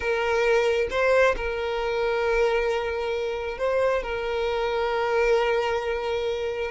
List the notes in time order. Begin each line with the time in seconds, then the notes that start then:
0.00 A#4
0.90 C5
1.36 A#4
3.57 C5
4.02 A#4